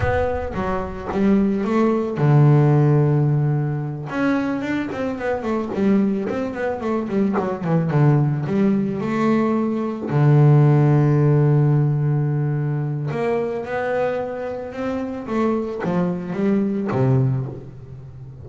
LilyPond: \new Staff \with { instrumentName = "double bass" } { \time 4/4 \tempo 4 = 110 b4 fis4 g4 a4 | d2.~ d8 cis'8~ | cis'8 d'8 c'8 b8 a8 g4 c'8 | b8 a8 g8 fis8 e8 d4 g8~ |
g8 a2 d4.~ | d1 | ais4 b2 c'4 | a4 f4 g4 c4 | }